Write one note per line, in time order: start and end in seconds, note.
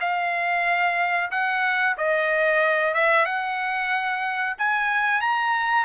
0.00 1.30 F5
1.31 1.96 F#5
1.97 2.94 D#5
2.94 3.25 E5
3.25 4.56 F#5
4.58 5.21 G#5
5.21 5.85 A#5